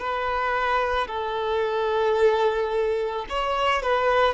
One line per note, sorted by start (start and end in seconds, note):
0.00 1.08 B4
1.08 3.26 A4
3.30 3.83 C#5
3.83 4.34 B4